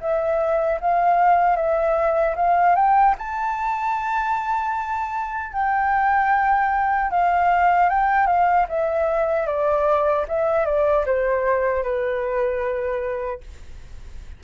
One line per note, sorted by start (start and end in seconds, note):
0.00 0.79 E5
0.80 1.56 F5
1.56 2.35 E5
2.35 2.75 F5
2.75 3.15 G5
3.18 5.52 A5
5.52 7.10 G5
7.10 7.89 F5
7.89 8.26 G5
8.26 8.66 F5
8.68 9.46 E5
9.46 10.25 D5
10.28 10.65 E5
10.65 11.05 D5
11.06 11.82 C5
11.82 13.40 B4